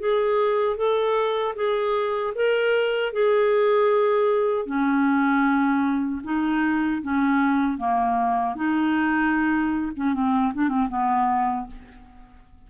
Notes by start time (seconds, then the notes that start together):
0.00 G#4
0.77 A4
1.56 G#4
2.36 A#4
3.13 G#4
4.66 C#4
6.24 D#4
7.02 C#4
7.78 A#3
8.56 D#4
9.96 C#4
10.14 C4
10.54 D4
10.69 C4
10.89 B3